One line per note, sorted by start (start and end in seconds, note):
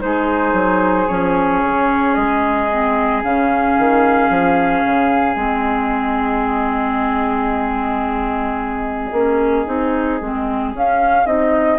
0.00 0.53 G#3
0.00 1.07 D#4
0.00 11.78 G#4
0.00 1.08 C5
0.53 1.06 F#3
1.08 1.63 F3
1.08 2.70 C#4
1.08 2.15 C#5
1.63 2.16 C#3
2.15 3.23 G#3
2.15 3.22 D#5
2.71 3.23 C4
3.23 3.77 C#3
3.23 5.36 C#4
3.23 5.35 F5
3.78 4.29 D#3
4.29 4.83 F3
4.85 5.36 C#3
5.35 9.11 G#3
5.35 9.11 C4
5.35 10.71 D#5
9.12 9.65 A#3
9.12 9.66 C#4
9.66 10.21 C4
9.66 10.19 D#4
10.21 10.74 G#3
10.21 10.74 C4
10.74 11.26 C#4
10.74 11.26 F5
11.26 11.78 C4
11.26 11.78 D#4
11.26 11.78 D#5